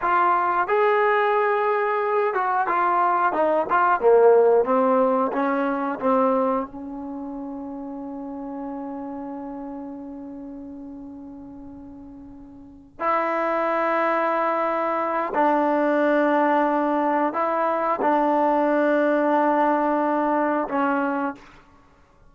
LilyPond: \new Staff \with { instrumentName = "trombone" } { \time 4/4 \tempo 4 = 90 f'4 gis'2~ gis'8 fis'8 | f'4 dis'8 f'8 ais4 c'4 | cis'4 c'4 cis'2~ | cis'1~ |
cis'2.~ cis'8 e'8~ | e'2. d'4~ | d'2 e'4 d'4~ | d'2. cis'4 | }